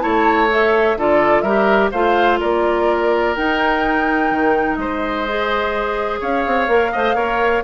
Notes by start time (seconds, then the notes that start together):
0.00 A3 E4 C#5 A5
0.50 A4 E5
0.96 D3 F4 A4 D5
1.42 G3 G4 A#4 E5
1.92 A3 F4 C5 F5
2.40 A#3 A#4 D5
3.35 D#4 G5
4.31 D#3
4.76 G#3 C5 D#5
5.28 G#4
6.20 C#4 C#5 F5
6.47 C4
6.68 A#3 A#4
6.92 A3 C5 D#5
7.15 A#3 A#4 C#5